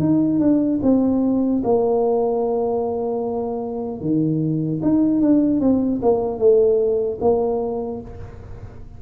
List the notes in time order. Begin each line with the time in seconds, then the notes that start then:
0.00 D#4
0.40 D4
0.83 C4
1.64 A#3
4.01 D#3
4.83 D#4
5.21 D4
5.61 C4
6.02 A#3
6.39 A3
7.21 A#3